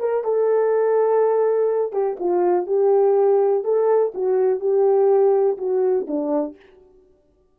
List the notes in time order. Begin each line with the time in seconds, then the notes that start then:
0.00 A#4
0.24 A4
1.92 G4
2.20 F4
2.67 G4
3.64 A4
4.15 F#4
4.60 G4
5.58 F#4
6.08 D4